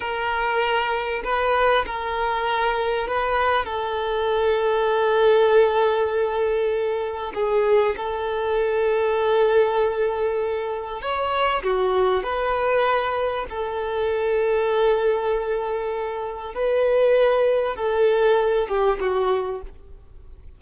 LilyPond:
\new Staff \with { instrumentName = "violin" } { \time 4/4 \tempo 4 = 98 ais'2 b'4 ais'4~ | ais'4 b'4 a'2~ | a'1 | gis'4 a'2.~ |
a'2 cis''4 fis'4 | b'2 a'2~ | a'2. b'4~ | b'4 a'4. g'8 fis'4 | }